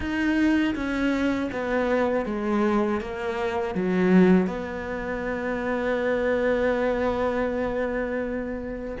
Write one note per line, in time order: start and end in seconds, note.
0.00 0.74 D#4
0.75 1.50 C#4
1.51 2.25 B3
2.25 3.00 G#3
3.00 3.74 A#3
3.74 4.47 F#3
4.47 8.97 B3